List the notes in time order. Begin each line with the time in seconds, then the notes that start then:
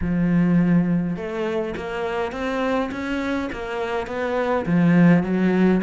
0.01 F3
1.16 A3
1.76 A#3
2.32 C4
2.91 C#4
3.52 A#3
4.06 B3
4.65 F3
5.23 F#3